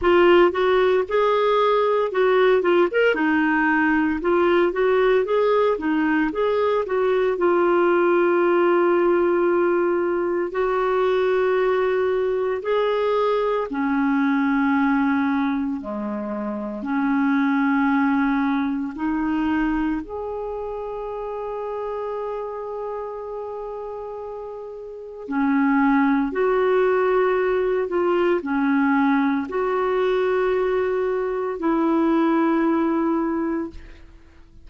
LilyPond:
\new Staff \with { instrumentName = "clarinet" } { \time 4/4 \tempo 4 = 57 f'8 fis'8 gis'4 fis'8 f'16 ais'16 dis'4 | f'8 fis'8 gis'8 dis'8 gis'8 fis'8 f'4~ | f'2 fis'2 | gis'4 cis'2 gis4 |
cis'2 dis'4 gis'4~ | gis'1 | cis'4 fis'4. f'8 cis'4 | fis'2 e'2 | }